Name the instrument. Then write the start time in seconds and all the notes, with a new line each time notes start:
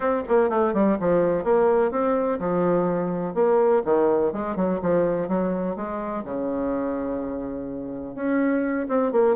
bassoon
0.00 C4
0.28 A#3
0.49 A3
0.73 G3
0.99 F3
1.44 A#3
1.91 C4
2.39 F3
3.34 A#3
3.84 D#3
4.32 G#3
4.56 F#3
4.82 F3
5.28 F#3
5.76 G#3
6.24 C#3
8.15 C#4
8.88 C4
9.12 A#3